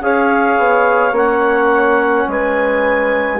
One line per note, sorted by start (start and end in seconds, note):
0.00 0.57 C#4
0.00 1.12 G#4
0.00 2.29 C#5
0.00 1.16 F5
0.57 1.11 B3
1.11 2.25 A#3
1.11 3.39 C#4
1.11 2.29 F#5
2.27 3.40 G#3
2.27 3.40 B4
2.27 3.40 G#5